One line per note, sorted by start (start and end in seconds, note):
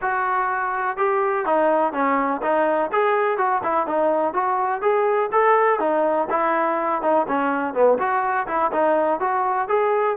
0.01 0.97 F#4
0.97 1.45 G4
1.45 1.92 D#4
1.92 2.41 C#4
2.42 2.90 D#4
2.92 3.37 G#4
3.37 3.61 F#4
3.63 3.86 E4
3.86 4.33 D#4
4.33 4.81 F#4
4.81 5.29 G#4
5.32 5.79 A4
5.79 6.27 D#4
6.30 7.02 E4
7.02 7.26 D#4
7.28 7.74 C#4
7.74 7.98 B3
7.98 8.46 F#4
8.47 8.71 E4
8.72 9.20 D#4
9.20 9.68 F#4
9.68 10.16 G#4